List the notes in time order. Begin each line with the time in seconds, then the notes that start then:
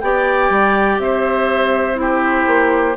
0.00 B3 G4 D5 G5
0.49 G3
0.98 C4 C5 E5
1.94 E4 G4 C5
2.47 A#3